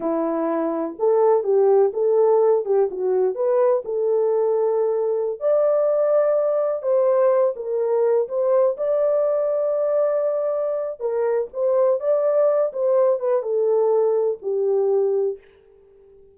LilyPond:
\new Staff \with { instrumentName = "horn" } { \time 4/4 \tempo 4 = 125 e'2 a'4 g'4 | a'4. g'8 fis'4 b'4 | a'2.~ a'16 d''8.~ | d''2~ d''16 c''4. ais'16~ |
ais'4~ ais'16 c''4 d''4.~ d''16~ | d''2. ais'4 | c''4 d''4. c''4 b'8 | a'2 g'2 | }